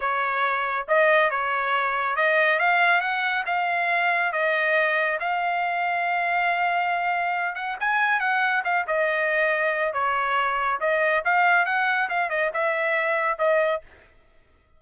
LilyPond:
\new Staff \with { instrumentName = "trumpet" } { \time 4/4 \tempo 4 = 139 cis''2 dis''4 cis''4~ | cis''4 dis''4 f''4 fis''4 | f''2 dis''2 | f''1~ |
f''4. fis''8 gis''4 fis''4 | f''8 dis''2~ dis''8 cis''4~ | cis''4 dis''4 f''4 fis''4 | f''8 dis''8 e''2 dis''4 | }